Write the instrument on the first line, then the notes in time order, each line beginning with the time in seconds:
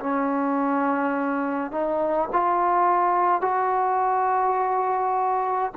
trombone
0.00 C#4
1.71 D#4
2.32 F4
3.41 F#4